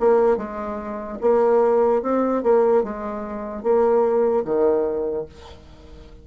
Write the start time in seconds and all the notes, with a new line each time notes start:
0.00 A#3
0.37 G#3
1.21 A#3
2.02 C4
2.43 A#3
2.83 G#3
3.63 A#3
4.44 D#3